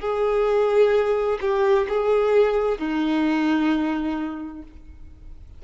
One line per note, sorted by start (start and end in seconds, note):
0.00 1.38 G#4
1.41 1.87 G4
1.88 2.78 G#4
2.78 4.63 D#4